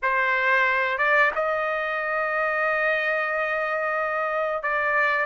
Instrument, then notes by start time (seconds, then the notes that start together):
trumpet
0.02 C5
0.98 D5
1.35 D#5
4.62 D5